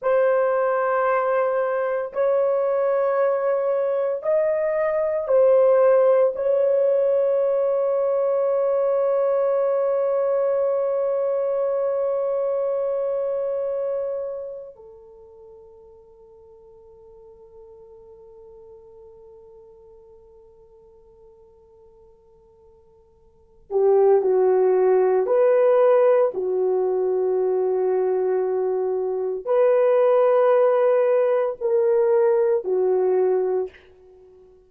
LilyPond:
\new Staff \with { instrumentName = "horn" } { \time 4/4 \tempo 4 = 57 c''2 cis''2 | dis''4 c''4 cis''2~ | cis''1~ | cis''2 a'2~ |
a'1~ | a'2~ a'8 g'8 fis'4 | b'4 fis'2. | b'2 ais'4 fis'4 | }